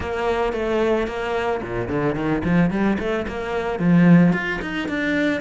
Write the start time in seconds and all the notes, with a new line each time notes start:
0.00 A#3
0.53 A3
1.07 A#3
1.62 A#2
1.88 D3
2.15 D#3
2.44 F3
2.70 G3
2.99 A3
3.27 A#3
3.79 F3
4.32 F4
4.61 D#4
4.88 D4